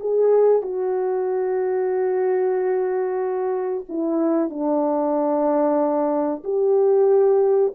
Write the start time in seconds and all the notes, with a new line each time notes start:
0.00 G#4
0.62 F#4
3.89 E4
4.50 D4
6.44 G4